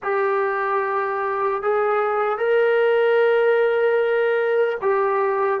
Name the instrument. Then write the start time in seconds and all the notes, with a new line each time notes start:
trombone
0.02 G4
1.62 G#4
2.37 A#4
4.81 G4